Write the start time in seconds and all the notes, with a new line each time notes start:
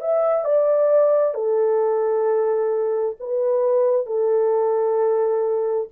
0.00 E5
0.44 D5
1.34 A4
3.19 B4
4.06 A4